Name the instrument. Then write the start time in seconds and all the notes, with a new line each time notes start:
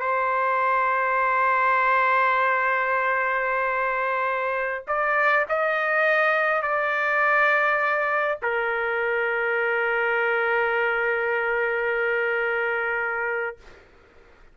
trumpet
0.00 C5
4.87 D5
5.49 D#5
6.62 D5
8.42 A#4